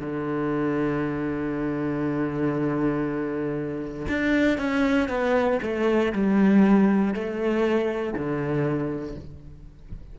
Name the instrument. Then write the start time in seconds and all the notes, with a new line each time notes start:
cello
0.00 D3
4.09 D4
4.58 C#4
5.08 B3
5.63 A3
6.12 G3
7.14 A3
8.14 D3